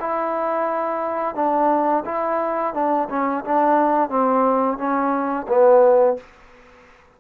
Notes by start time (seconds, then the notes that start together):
0.00 E4
1.35 D4
2.05 E4
2.74 D4
3.09 C#4
3.44 D4
4.09 C4
4.78 C#4
5.48 B3